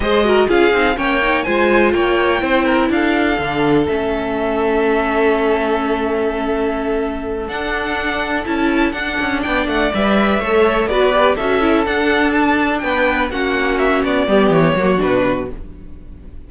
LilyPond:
<<
  \new Staff \with { instrumentName = "violin" } { \time 4/4 \tempo 4 = 124 dis''4 f''4 g''4 gis''4 | g''2 f''2 | e''1~ | e''2.~ e''8 fis''8~ |
fis''4. a''4 fis''4 g''8 | fis''8 e''2 d''4 e''8~ | e''8 fis''4 a''4 g''4 fis''8~ | fis''8 e''8 d''4 cis''4 b'4 | }
  \new Staff \with { instrumentName = "violin" } { \time 4/4 c''8 ais'8 gis'4 cis''4 c''4 | cis''4 c''8 ais'8 a'2~ | a'1~ | a'1~ |
a'2.~ a'8 d''8~ | d''4. cis''4 b'4 a'8~ | a'2~ a'8 b'4 fis'8~ | fis'4. g'4 fis'4. | }
  \new Staff \with { instrumentName = "viola" } { \time 4/4 gis'8 fis'8 f'8 dis'8 cis'8 dis'8 f'4~ | f'4 e'2 d'4 | cis'1~ | cis'2.~ cis'8 d'8~ |
d'4. e'4 d'4.~ | d'8 b'4 a'4 fis'8 g'8 fis'8 | e'8 d'2. cis'8~ | cis'4. b4 ais8 d'4 | }
  \new Staff \with { instrumentName = "cello" } { \time 4/4 gis4 cis'8 c'8 ais4 gis4 | ais4 c'4 d'4 d4 | a1~ | a2.~ a8 d'8~ |
d'4. cis'4 d'8 cis'8 b8 | a8 g4 a4 b4 cis'8~ | cis'8 d'2 b4 ais8~ | ais4 b8 g8 e8 fis8 b,4 | }
>>